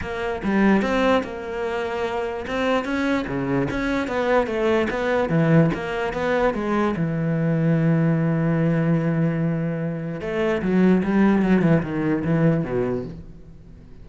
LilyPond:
\new Staff \with { instrumentName = "cello" } { \time 4/4 \tempo 4 = 147 ais4 g4 c'4 ais4~ | ais2 c'4 cis'4 | cis4 cis'4 b4 a4 | b4 e4 ais4 b4 |
gis4 e2.~ | e1~ | e4 a4 fis4 g4 | fis8 e8 dis4 e4 b,4 | }